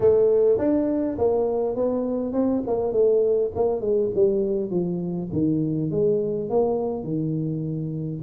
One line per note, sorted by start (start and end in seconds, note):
0.00 0.58 A3
0.58 1.17 D4
1.18 1.75 A#3
1.75 2.32 B3
2.32 2.62 C4
2.66 2.92 A#3
2.92 3.51 A3
3.55 3.80 A#3
3.80 4.10 G#3
4.14 4.70 G3
4.70 5.29 F3
5.32 5.91 D#3
5.91 6.49 G#3
6.49 7.03 A#3
7.03 8.21 D#3